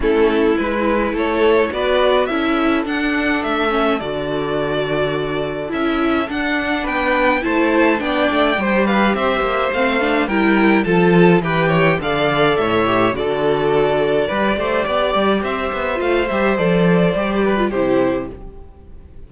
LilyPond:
<<
  \new Staff \with { instrumentName = "violin" } { \time 4/4 \tempo 4 = 105 a'4 b'4 cis''4 d''4 | e''4 fis''4 e''4 d''4~ | d''2 e''4 fis''4 | g''4 a''4 g''4. f''8 |
e''4 f''4 g''4 a''4 | g''4 f''4 e''4 d''4~ | d''2. e''4 | f''8 e''8 d''2 c''4 | }
  \new Staff \with { instrumentName = "violin" } { \time 4/4 e'2 a'4 b'4 | a'1~ | a'1 | b'4 c''4 d''4 c''8 b'8 |
c''2 ais'4 a'4 | b'8 cis''8 d''4 cis''4 a'4~ | a'4 b'8 c''8 d''4 c''4~ | c''2~ c''8 b'8 g'4 | }
  \new Staff \with { instrumentName = "viola" } { \time 4/4 cis'4 e'2 fis'4 | e'4 d'4. cis'8 fis'4~ | fis'2 e'4 d'4~ | d'4 e'4 d'4 g'4~ |
g'4 c'8 d'8 e'4 f'4 | g'4 a'4. g'8 fis'4~ | fis'4 g'2. | f'8 g'8 a'4 g'8. f'16 e'4 | }
  \new Staff \with { instrumentName = "cello" } { \time 4/4 a4 gis4 a4 b4 | cis'4 d'4 a4 d4~ | d2 cis'4 d'4 | b4 a4 b8 a8 g4 |
c'8 ais8 a4 g4 f4 | e4 d4 a,4 d4~ | d4 g8 a8 b8 g8 c'8 b8 | a8 g8 f4 g4 c4 | }
>>